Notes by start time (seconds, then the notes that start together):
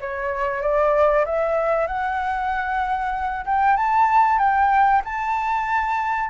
0.00 C#5
0.61 D5
1.25 E5
1.87 F#5
3.45 G5
3.76 A5
4.38 G5
5.04 A5